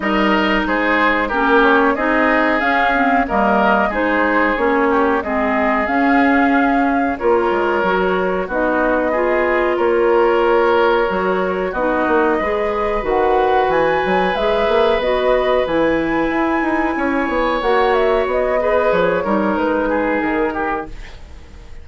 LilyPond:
<<
  \new Staff \with { instrumentName = "flute" } { \time 4/4 \tempo 4 = 92 dis''4 c''4 ais'8 cis''8 dis''4 | f''4 dis''4 c''4 cis''4 | dis''4 f''2 cis''4~ | cis''4 dis''2 cis''4~ |
cis''2 dis''2 | fis''4 gis''4 e''4 dis''4 | gis''2. fis''8 e''8 | dis''4 cis''4 b'4 ais'4 | }
  \new Staff \with { instrumentName = "oboe" } { \time 4/4 ais'4 gis'4 g'4 gis'4~ | gis'4 ais'4 gis'4. g'8 | gis'2. ais'4~ | ais'4 fis'4 gis'4 ais'4~ |
ais'2 fis'4 b'4~ | b'1~ | b'2 cis''2~ | cis''8 b'4 ais'4 gis'4 g'8 | }
  \new Staff \with { instrumentName = "clarinet" } { \time 4/4 dis'2 cis'4 dis'4 | cis'8 c'8 ais4 dis'4 cis'4 | c'4 cis'2 f'4 | fis'4 dis'4 f'2~ |
f'4 fis'4 dis'4 gis'4 | fis'2 gis'4 fis'4 | e'2. fis'4~ | fis'8 gis'4 dis'2~ dis'8 | }
  \new Staff \with { instrumentName = "bassoon" } { \time 4/4 g4 gis4 ais4 c'4 | cis'4 g4 gis4 ais4 | gis4 cis'2 ais8 gis8 | fis4 b2 ais4~ |
ais4 fis4 b8 ais8 gis4 | dis4 e8 fis8 gis8 ais8 b4 | e4 e'8 dis'8 cis'8 b8 ais4 | b4 f8 g8 gis4 dis4 | }
>>